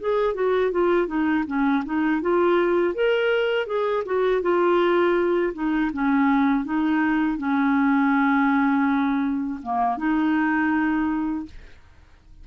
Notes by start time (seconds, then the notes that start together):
0.00 G#4
0.34 F#4
0.71 F4
1.07 D#4
1.46 C#4
1.85 D#4
2.21 F4
2.94 A#4
3.66 G#4
4.05 F#4
4.42 F4
5.54 D#4
5.93 C#4
6.64 D#4
7.38 C#4
9.62 A#3
9.97 D#4